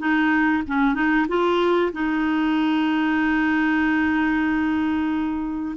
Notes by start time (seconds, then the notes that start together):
0.00 D#4
0.68 C#4
0.95 D#4
1.29 F4
1.93 D#4